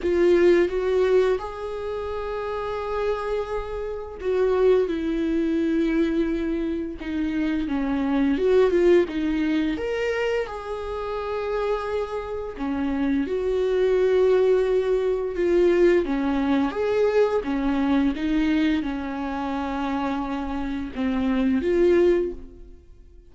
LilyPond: \new Staff \with { instrumentName = "viola" } { \time 4/4 \tempo 4 = 86 f'4 fis'4 gis'2~ | gis'2 fis'4 e'4~ | e'2 dis'4 cis'4 | fis'8 f'8 dis'4 ais'4 gis'4~ |
gis'2 cis'4 fis'4~ | fis'2 f'4 cis'4 | gis'4 cis'4 dis'4 cis'4~ | cis'2 c'4 f'4 | }